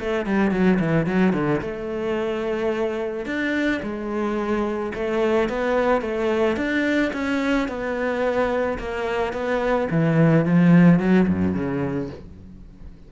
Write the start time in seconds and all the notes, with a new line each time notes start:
0.00 A3
0.26 G3
0.51 F#3
0.80 E3
1.06 F#3
1.33 D3
1.61 A3
3.26 D4
3.83 G#3
4.95 A3
5.49 B3
6.02 A3
6.57 D4
7.13 C#4
7.68 B3
8.79 A#3
9.33 B3
9.91 E3
10.46 F3
11.00 F#3
11.28 F#2
11.55 C#3